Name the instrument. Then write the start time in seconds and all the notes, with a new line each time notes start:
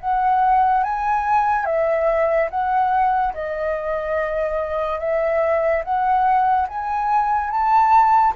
flute
0.00 F#5
0.83 G#5
1.65 E5
2.50 F#5
3.34 D#5
4.99 E5
5.84 F#5
6.68 G#5
7.50 A5